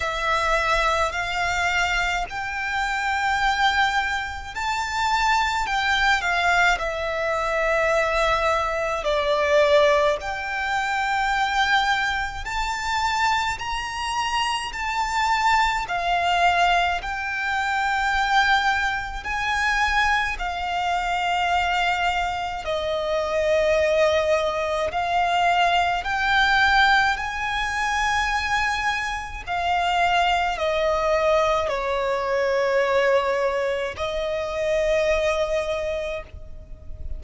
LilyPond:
\new Staff \with { instrumentName = "violin" } { \time 4/4 \tempo 4 = 53 e''4 f''4 g''2 | a''4 g''8 f''8 e''2 | d''4 g''2 a''4 | ais''4 a''4 f''4 g''4~ |
g''4 gis''4 f''2 | dis''2 f''4 g''4 | gis''2 f''4 dis''4 | cis''2 dis''2 | }